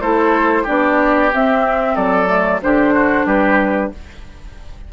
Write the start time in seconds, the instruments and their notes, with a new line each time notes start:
0.00 bassoon A3, clarinet E4, oboe A4, flute C5
0.63 bassoon B3, clarinet D4, oboe G4, flute D5
1.33 bassoon C4, clarinet C4, flute E5
1.95 bassoon F#3, oboe A4, flute D5
2.27 clarinet A3
2.62 bassoon D3, clarinet D4, oboe G4, flute C5
2.94 oboe F#4
3.25 bassoon G3, oboe G4, flute B4